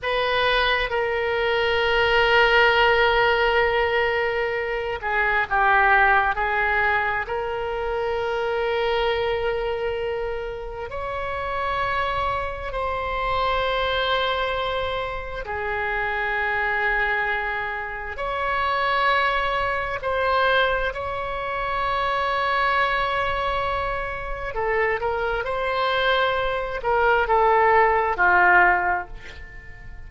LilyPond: \new Staff \with { instrumentName = "oboe" } { \time 4/4 \tempo 4 = 66 b'4 ais'2.~ | ais'4. gis'8 g'4 gis'4 | ais'1 | cis''2 c''2~ |
c''4 gis'2. | cis''2 c''4 cis''4~ | cis''2. a'8 ais'8 | c''4. ais'8 a'4 f'4 | }